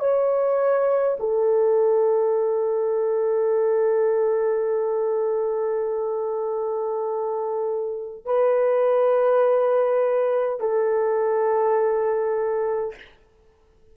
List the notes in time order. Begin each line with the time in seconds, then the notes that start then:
0.00 C#5
1.20 A4
8.25 B4
10.60 A4